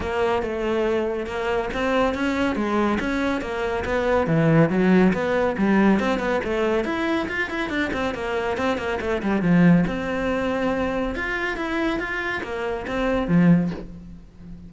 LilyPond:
\new Staff \with { instrumentName = "cello" } { \time 4/4 \tempo 4 = 140 ais4 a2 ais4 | c'4 cis'4 gis4 cis'4 | ais4 b4 e4 fis4 | b4 g4 c'8 b8 a4 |
e'4 f'8 e'8 d'8 c'8 ais4 | c'8 ais8 a8 g8 f4 c'4~ | c'2 f'4 e'4 | f'4 ais4 c'4 f4 | }